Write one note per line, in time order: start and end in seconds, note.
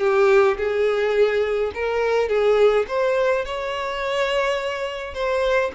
0.00 0.57 G4
0.58 1.72 G#4
1.75 2.29 A#4
2.29 2.86 G#4
2.88 3.45 C5
3.45 5.14 C#5
5.14 5.71 C5